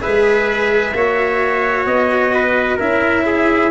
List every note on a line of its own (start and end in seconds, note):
0.00 0.93 G#3
0.00 0.92 G#4
0.00 0.94 B4
0.00 1.86 E5
0.93 1.85 A#3
0.93 2.78 F#4
0.93 2.34 C#5
1.86 2.78 B3
1.86 2.78 D#5
2.34 2.76 B4
2.76 3.71 C#4
2.76 3.71 E4
2.76 3.22 A#4
2.76 3.71 E5
3.26 3.71 G#4